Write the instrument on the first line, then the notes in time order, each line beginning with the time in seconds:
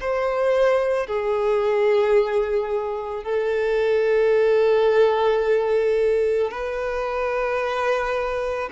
violin
0.00 C5
1.07 G#4
3.23 A4
6.51 B4